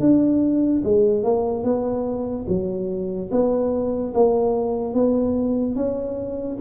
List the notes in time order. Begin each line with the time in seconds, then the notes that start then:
0.00 D4
0.84 G#3
1.24 A#3
1.64 B3
2.48 F#3
3.31 B3
4.14 A#3
4.94 B3
5.76 C#4